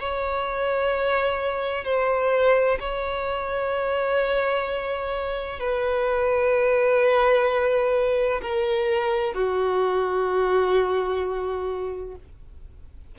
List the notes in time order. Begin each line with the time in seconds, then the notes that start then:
0.00 C#5
1.85 C5
2.80 C#5
5.60 B4
8.42 A#4
9.34 F#4